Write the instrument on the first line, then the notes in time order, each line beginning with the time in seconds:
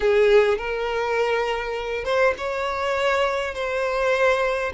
violin
0.00 G#4
0.58 A#4
2.04 C5
2.37 C#5
3.54 C5